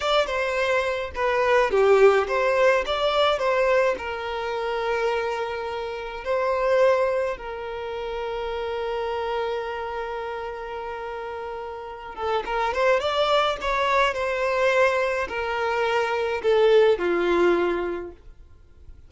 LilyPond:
\new Staff \with { instrumentName = "violin" } { \time 4/4 \tempo 4 = 106 d''8 c''4. b'4 g'4 | c''4 d''4 c''4 ais'4~ | ais'2. c''4~ | c''4 ais'2.~ |
ais'1~ | ais'4. a'8 ais'8 c''8 d''4 | cis''4 c''2 ais'4~ | ais'4 a'4 f'2 | }